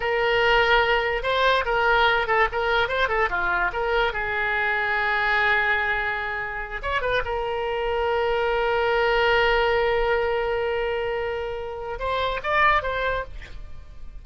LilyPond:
\new Staff \with { instrumentName = "oboe" } { \time 4/4 \tempo 4 = 145 ais'2. c''4 | ais'4. a'8 ais'4 c''8 a'8 | f'4 ais'4 gis'2~ | gis'1~ |
gis'8 cis''8 b'8 ais'2~ ais'8~ | ais'1~ | ais'1~ | ais'4 c''4 d''4 c''4 | }